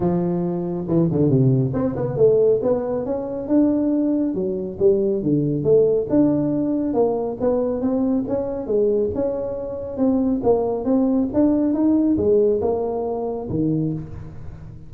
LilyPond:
\new Staff \with { instrumentName = "tuba" } { \time 4/4 \tempo 4 = 138 f2 e8 d8 c4 | c'8 b8 a4 b4 cis'4 | d'2 fis4 g4 | d4 a4 d'2 |
ais4 b4 c'4 cis'4 | gis4 cis'2 c'4 | ais4 c'4 d'4 dis'4 | gis4 ais2 dis4 | }